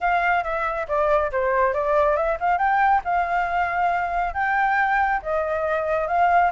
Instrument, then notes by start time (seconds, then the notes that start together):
flute
0.00 F5
0.43 E5
0.87 D5
1.31 C5
1.73 D5
2.16 E5
2.40 F5
2.58 G5
3.04 F5
4.34 G5
5.22 D#5
6.07 F5